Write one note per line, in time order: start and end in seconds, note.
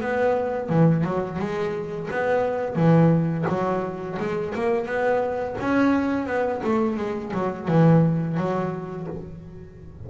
0.00 0.69 B3
0.69 1.04 E3
1.04 1.39 F#3
1.39 2.09 G#3
2.11 2.75 B3
2.75 3.45 E3
3.48 4.17 F#3
4.19 4.54 G#3
4.55 4.86 A#3
4.86 5.56 B3
5.60 6.26 C#4
6.26 6.61 B3
6.63 6.97 A3
6.97 7.32 G#3
7.34 7.68 F#3
7.68 8.37 E3
8.37 9.07 F#3